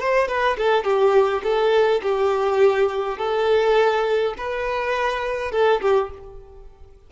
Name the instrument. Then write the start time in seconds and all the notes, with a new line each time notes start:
violin
0.00 C5
0.28 B4
0.57 A4
0.84 G4
1.43 A4
2.02 G4
3.18 A4
4.37 B4
5.52 A4
5.81 G4